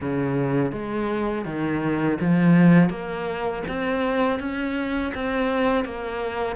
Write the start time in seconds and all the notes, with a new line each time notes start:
0.00 C#3
0.72 G#3
1.45 D#3
2.20 F3
2.89 A#3
3.68 C4
4.39 C#4
5.14 C4
5.84 A#3